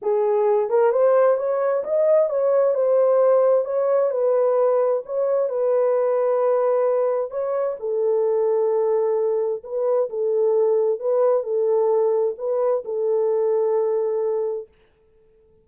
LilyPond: \new Staff \with { instrumentName = "horn" } { \time 4/4 \tempo 4 = 131 gis'4. ais'8 c''4 cis''4 | dis''4 cis''4 c''2 | cis''4 b'2 cis''4 | b'1 |
cis''4 a'2.~ | a'4 b'4 a'2 | b'4 a'2 b'4 | a'1 | }